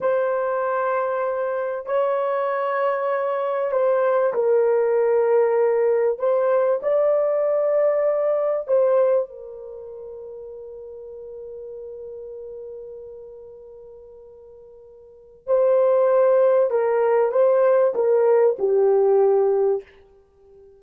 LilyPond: \new Staff \with { instrumentName = "horn" } { \time 4/4 \tempo 4 = 97 c''2. cis''4~ | cis''2 c''4 ais'4~ | ais'2 c''4 d''4~ | d''2 c''4 ais'4~ |
ais'1~ | ais'1~ | ais'4 c''2 ais'4 | c''4 ais'4 g'2 | }